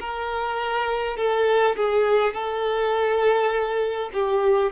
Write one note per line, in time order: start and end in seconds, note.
0.00 1.17 A#4
1.17 1.75 A4
1.76 2.34 G#4
2.34 4.10 A4
4.13 4.72 G4